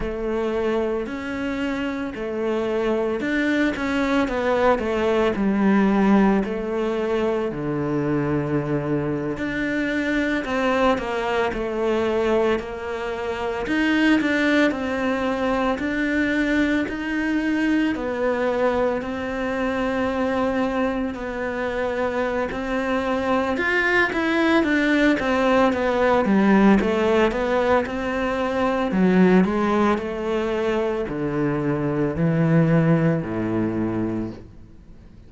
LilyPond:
\new Staff \with { instrumentName = "cello" } { \time 4/4 \tempo 4 = 56 a4 cis'4 a4 d'8 cis'8 | b8 a8 g4 a4 d4~ | d8. d'4 c'8 ais8 a4 ais16~ | ais8. dis'8 d'8 c'4 d'4 dis'16~ |
dis'8. b4 c'2 b16~ | b4 c'4 f'8 e'8 d'8 c'8 | b8 g8 a8 b8 c'4 fis8 gis8 | a4 d4 e4 a,4 | }